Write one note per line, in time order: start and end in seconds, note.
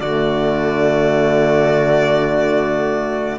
0.00 3.39 D3
0.00 3.39 A3
0.00 3.39 F#4
0.00 3.39 D5